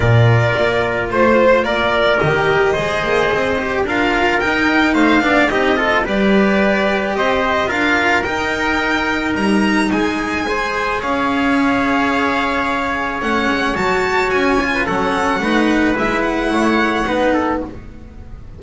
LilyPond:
<<
  \new Staff \with { instrumentName = "violin" } { \time 4/4 \tempo 4 = 109 d''2 c''4 d''4 | dis''2. f''4 | g''4 f''4 dis''4 d''4~ | d''4 dis''4 f''4 g''4~ |
g''4 ais''4 gis''2 | f''1 | fis''4 a''4 gis''4 fis''4~ | fis''4 e''8 fis''2~ fis''8 | }
  \new Staff \with { instrumentName = "trumpet" } { \time 4/4 ais'2 c''4 ais'4~ | ais'4 c''2 ais'4~ | ais'4 c''8 d''8 g'8 a'8 b'4~ | b'4 c''4 ais'2~ |
ais'2 gis'4 c''4 | cis''1~ | cis''2~ cis''8. b'16 a'4 | b'2 cis''4 b'8 a'8 | }
  \new Staff \with { instrumentName = "cello" } { \time 4/4 f'1 | g'4 gis'4. g'8 f'4 | dis'4. d'8 dis'8 f'8 g'4~ | g'2 f'4 dis'4~ |
dis'2. gis'4~ | gis'1 | cis'4 fis'4. f'8 cis'4 | dis'4 e'2 dis'4 | }
  \new Staff \with { instrumentName = "double bass" } { \time 4/4 ais,4 ais4 a4 ais4 | dis4 gis8 ais8 c'4 d'4 | dis'4 a8 b8 c'4 g4~ | g4 c'4 d'4 dis'4~ |
dis'4 g4 gis2 | cis'1 | a8 gis8 fis4 cis'4 fis4 | a4 gis4 a4 b4 | }
>>